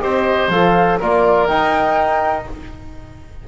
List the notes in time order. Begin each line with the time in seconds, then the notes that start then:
0.00 C4 G4 C5 D#5
0.48 F3 A4 F5
0.99 A#3 F4 A#4 D5
1.46 D#4 G5